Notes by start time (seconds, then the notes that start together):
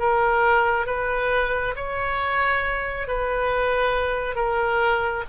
0.00 A#4
0.87 B4
1.76 C#5
3.08 B4
4.36 A#4